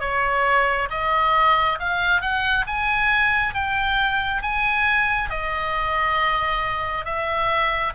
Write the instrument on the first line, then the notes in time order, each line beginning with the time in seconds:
oboe
0.00 C#5
0.90 D#5
1.79 F5
2.21 F#5
2.66 G#5
3.54 G5
4.42 G#5
5.29 D#5
7.05 E5